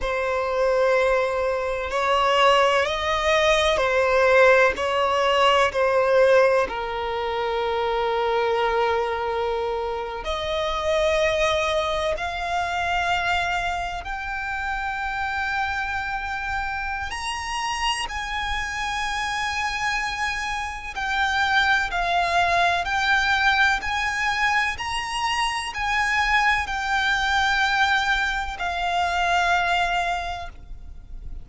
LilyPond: \new Staff \with { instrumentName = "violin" } { \time 4/4 \tempo 4 = 63 c''2 cis''4 dis''4 | c''4 cis''4 c''4 ais'4~ | ais'2~ ais'8. dis''4~ dis''16~ | dis''8. f''2 g''4~ g''16~ |
g''2 ais''4 gis''4~ | gis''2 g''4 f''4 | g''4 gis''4 ais''4 gis''4 | g''2 f''2 | }